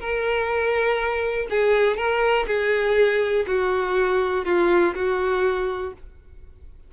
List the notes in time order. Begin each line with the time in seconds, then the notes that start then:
0.00 A#4
1.50 G#4
1.97 A#4
2.47 G#4
3.47 F#4
4.45 F4
4.95 F#4